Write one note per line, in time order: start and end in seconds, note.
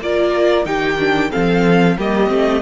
0.00 0.65 A#3
0.00 0.65 F4
0.00 0.66 A#4
0.00 0.65 D5
0.65 1.30 D#3
0.65 0.97 D#4
0.65 1.31 G4
0.65 1.30 G5
0.98 1.30 D4
1.31 1.97 F3
1.31 1.96 C4
1.31 1.96 A4
1.31 1.97 F5
1.97 2.30 G3
1.97 2.27 A#3
1.97 2.61 G4
1.97 2.61 D#5
2.27 2.61 A3
2.27 2.60 C4